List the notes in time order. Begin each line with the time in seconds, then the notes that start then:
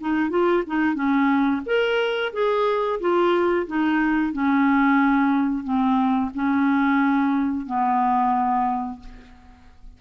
0.00 D#4
0.30 F4
0.66 D#4
0.94 C#4
1.65 A#4
2.33 G#4
3.00 F4
3.67 D#4
4.32 C#4
5.64 C4
6.34 C#4
7.66 B3